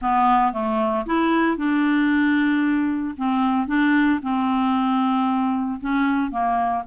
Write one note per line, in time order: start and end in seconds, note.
0.01 0.53 B3
0.53 1.05 A3
1.06 1.57 E4
1.57 3.15 D4
3.17 3.67 C4
3.67 4.19 D4
4.22 5.80 C4
5.80 6.30 C#4
6.30 6.83 A#3